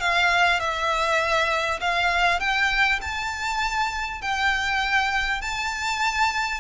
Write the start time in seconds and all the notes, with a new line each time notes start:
0.00 F5
0.60 E5
1.81 F5
2.40 G5
3.01 A5
4.21 G5
5.41 A5